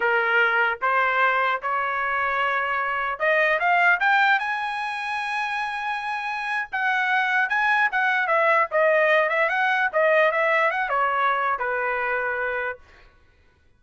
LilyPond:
\new Staff \with { instrumentName = "trumpet" } { \time 4/4 \tempo 4 = 150 ais'2 c''2 | cis''1 | dis''4 f''4 g''4 gis''4~ | gis''1~ |
gis''8. fis''2 gis''4 fis''16~ | fis''8. e''4 dis''4. e''8 fis''16~ | fis''8. dis''4 e''4 fis''8 cis''8.~ | cis''4 b'2. | }